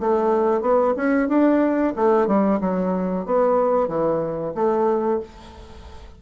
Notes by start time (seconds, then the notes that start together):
0.00 A3
0.61 B3
0.97 C#4
1.28 D4
1.96 A3
2.27 G3
2.60 F#3
3.25 B3
3.88 E3
4.55 A3